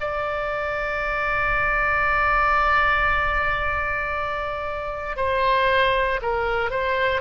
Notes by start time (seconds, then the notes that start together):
0.00 D5
5.16 C5
6.22 A#4
6.70 C5